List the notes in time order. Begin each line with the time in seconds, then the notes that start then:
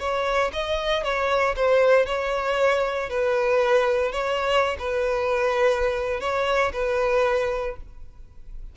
0.00 C#5
0.53 D#5
1.04 C#5
1.57 C5
2.07 C#5
3.10 B4
4.13 C#5
4.79 B4
6.21 C#5
6.73 B4